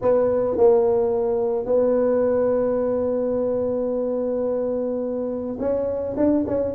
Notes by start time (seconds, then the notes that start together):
0.01 B3
0.57 A#3
1.65 B3
5.59 C#4
6.16 D4
6.47 C#4